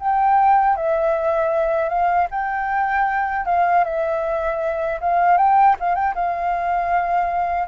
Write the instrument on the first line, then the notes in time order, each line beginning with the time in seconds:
flute
0.00 G5
0.77 E5
1.89 F5
2.31 G5
3.46 F5
3.85 E5
5.01 F5
5.38 G5
5.80 F5
5.95 G5
6.15 F5